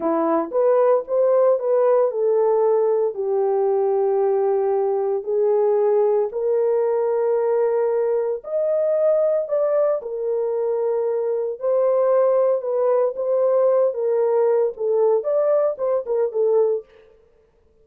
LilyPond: \new Staff \with { instrumentName = "horn" } { \time 4/4 \tempo 4 = 114 e'4 b'4 c''4 b'4 | a'2 g'2~ | g'2 gis'2 | ais'1 |
dis''2 d''4 ais'4~ | ais'2 c''2 | b'4 c''4. ais'4. | a'4 d''4 c''8 ais'8 a'4 | }